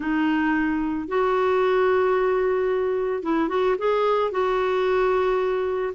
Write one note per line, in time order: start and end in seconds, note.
0.00 1.08 D#4
1.08 3.23 F#4
3.23 3.49 E4
3.49 3.76 F#4
3.78 4.31 G#4
4.31 5.93 F#4